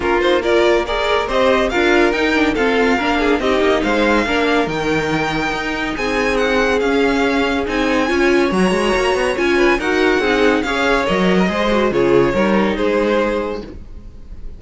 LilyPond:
<<
  \new Staff \with { instrumentName = "violin" } { \time 4/4 \tempo 4 = 141 ais'8 c''8 d''4 ais'4 dis''4 | f''4 g''4 f''2 | dis''4 f''2 g''4~ | g''2 gis''4 fis''4 |
f''2 gis''2 | ais''2 gis''4 fis''4~ | fis''4 f''4 dis''2 | cis''2 c''2 | }
  \new Staff \with { instrumentName = "violin" } { \time 4/4 f'4 ais'4 d''4 c''4 | ais'2 a'4 ais'8 gis'8 | g'4 c''4 ais'2~ | ais'2 gis'2~ |
gis'2. cis''4~ | cis''2~ cis''8 b'8 ais'4 | gis'4 cis''4.~ cis''16 ais'16 c''4 | gis'4 ais'4 gis'2 | }
  \new Staff \with { instrumentName = "viola" } { \time 4/4 d'8 dis'8 f'4 gis'4 g'4 | f'4 dis'8 d'8 c'4 d'4 | dis'2 d'4 dis'4~ | dis'1 |
cis'2 dis'4 f'4 | fis'2 f'4 fis'4 | dis'4 gis'4 ais'4 gis'8 fis'8 | f'4 dis'2. | }
  \new Staff \with { instrumentName = "cello" } { \time 4/4 ais2. c'4 | d'4 dis'4 f'4 ais4 | c'8 ais8 gis4 ais4 dis4~ | dis4 dis'4 c'2 |
cis'2 c'4 cis'4 | fis8 gis8 ais8 b8 cis'4 dis'4 | c'4 cis'4 fis4 gis4 | cis4 g4 gis2 | }
>>